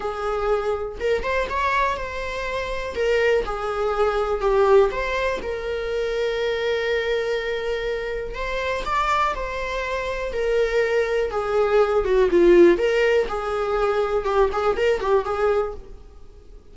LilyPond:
\new Staff \with { instrumentName = "viola" } { \time 4/4 \tempo 4 = 122 gis'2 ais'8 c''8 cis''4 | c''2 ais'4 gis'4~ | gis'4 g'4 c''4 ais'4~ | ais'1~ |
ais'4 c''4 d''4 c''4~ | c''4 ais'2 gis'4~ | gis'8 fis'8 f'4 ais'4 gis'4~ | gis'4 g'8 gis'8 ais'8 g'8 gis'4 | }